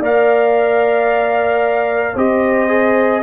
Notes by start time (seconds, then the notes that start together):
0.00 A#3 A#4 D5 F5
2.14 C4 G4 C5 D#5
2.68 G#4